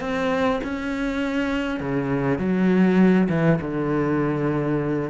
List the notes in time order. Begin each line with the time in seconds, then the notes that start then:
0.00 C4
0.63 C#4
1.80 C#3
2.38 F#3
3.29 E3
3.61 D3